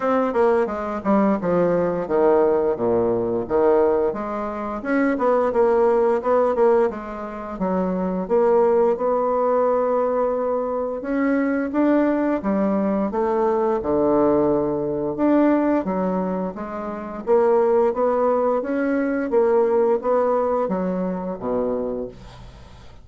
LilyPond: \new Staff \with { instrumentName = "bassoon" } { \time 4/4 \tempo 4 = 87 c'8 ais8 gis8 g8 f4 dis4 | ais,4 dis4 gis4 cis'8 b8 | ais4 b8 ais8 gis4 fis4 | ais4 b2. |
cis'4 d'4 g4 a4 | d2 d'4 fis4 | gis4 ais4 b4 cis'4 | ais4 b4 fis4 b,4 | }